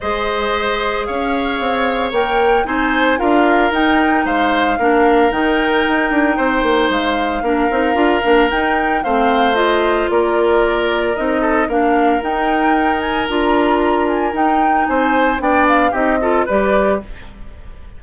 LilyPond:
<<
  \new Staff \with { instrumentName = "flute" } { \time 4/4 \tempo 4 = 113 dis''2 f''2 | g''4 gis''4 f''4 g''4 | f''2 g''2~ | g''4 f''2. |
g''4 f''4 dis''4 d''4~ | d''4 dis''4 f''4 g''4~ | g''8 gis''8 ais''4. gis''8 g''4 | gis''4 g''8 f''8 dis''4 d''4 | }
  \new Staff \with { instrumentName = "oboe" } { \time 4/4 c''2 cis''2~ | cis''4 c''4 ais'2 | c''4 ais'2. | c''2 ais'2~ |
ais'4 c''2 ais'4~ | ais'4. a'8 ais'2~ | ais'1 | c''4 d''4 g'8 a'8 b'4 | }
  \new Staff \with { instrumentName = "clarinet" } { \time 4/4 gis'1 | ais'4 dis'4 f'4 dis'4~ | dis'4 d'4 dis'2~ | dis'2 d'8 dis'8 f'8 d'8 |
dis'4 c'4 f'2~ | f'4 dis'4 d'4 dis'4~ | dis'4 f'2 dis'4~ | dis'4 d'4 dis'8 f'8 g'4 | }
  \new Staff \with { instrumentName = "bassoon" } { \time 4/4 gis2 cis'4 c'4 | ais4 c'4 d'4 dis'4 | gis4 ais4 dis4 dis'8 d'8 | c'8 ais8 gis4 ais8 c'8 d'8 ais8 |
dis'4 a2 ais4~ | ais4 c'4 ais4 dis'4~ | dis'4 d'2 dis'4 | c'4 b4 c'4 g4 | }
>>